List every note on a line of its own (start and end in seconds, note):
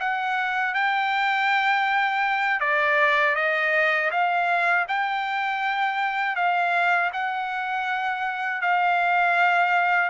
0.00 0.74 F#5
0.74 2.60 G5
2.60 3.35 D5
3.36 4.11 D#5
4.11 4.86 F5
4.89 6.36 G5
6.36 7.11 F5
7.13 8.62 F#5
8.62 10.10 F5